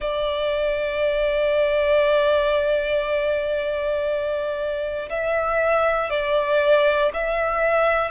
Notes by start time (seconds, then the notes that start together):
0.00 D5
5.09 E5
6.10 D5
7.13 E5